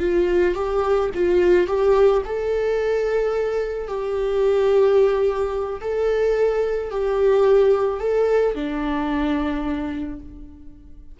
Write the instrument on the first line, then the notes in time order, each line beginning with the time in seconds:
viola
0.00 F4
0.55 G4
1.15 F4
1.67 G4
2.26 A4
3.88 G4
5.81 A4
6.91 G4
8.00 A4
8.55 D4